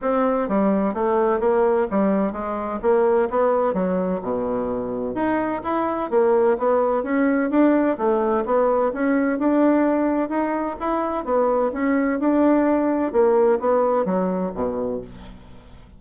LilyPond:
\new Staff \with { instrumentName = "bassoon" } { \time 4/4 \tempo 4 = 128 c'4 g4 a4 ais4 | g4 gis4 ais4 b4 | fis4 b,2 dis'4 | e'4 ais4 b4 cis'4 |
d'4 a4 b4 cis'4 | d'2 dis'4 e'4 | b4 cis'4 d'2 | ais4 b4 fis4 b,4 | }